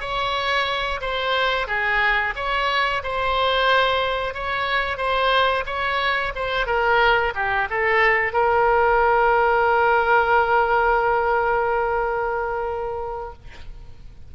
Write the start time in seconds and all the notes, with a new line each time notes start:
0.00 C#5
1.00 C5
1.67 G#4
2.35 C#5
3.03 C5
4.33 C#5
4.97 C5
5.66 C#5
6.35 C5
6.66 A#4
7.35 G4
7.69 A4
8.32 A#4